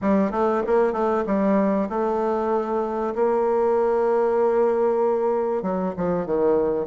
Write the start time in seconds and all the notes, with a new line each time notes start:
0.01 G3
0.31 A3
0.66 A#3
0.92 A3
1.26 G3
1.89 A3
3.15 A#3
5.62 F#3
5.96 F3
6.26 D#3